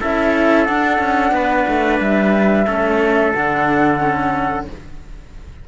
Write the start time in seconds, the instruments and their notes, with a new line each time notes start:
0.00 cello C#4 E4, trumpet A4, flute E5
0.65 cello D4, flute F#5
0.98 cello C#4
1.32 cello B3, trumpet B4
1.68 cello A3
2.00 cello G3, flute E5
2.66 cello A3 C#4, trumpet A4
3.32 cello D3 D4, flute F#5
4.00 cello C#4